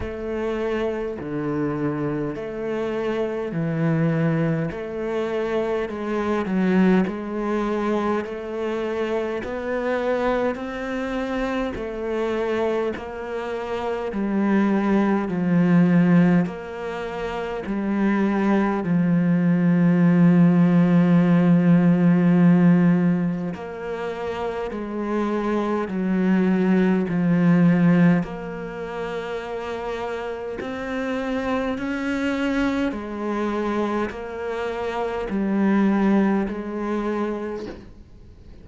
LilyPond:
\new Staff \with { instrumentName = "cello" } { \time 4/4 \tempo 4 = 51 a4 d4 a4 e4 | a4 gis8 fis8 gis4 a4 | b4 c'4 a4 ais4 | g4 f4 ais4 g4 |
f1 | ais4 gis4 fis4 f4 | ais2 c'4 cis'4 | gis4 ais4 g4 gis4 | }